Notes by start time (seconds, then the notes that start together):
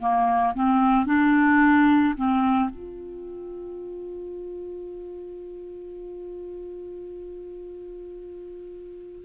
0.00 A#3
0.55 C4
1.06 D4
2.16 C4
2.70 F4